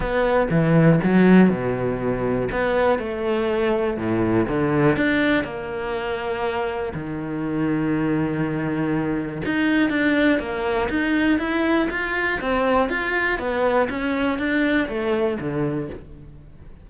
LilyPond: \new Staff \with { instrumentName = "cello" } { \time 4/4 \tempo 4 = 121 b4 e4 fis4 b,4~ | b,4 b4 a2 | a,4 d4 d'4 ais4~ | ais2 dis2~ |
dis2. dis'4 | d'4 ais4 dis'4 e'4 | f'4 c'4 f'4 b4 | cis'4 d'4 a4 d4 | }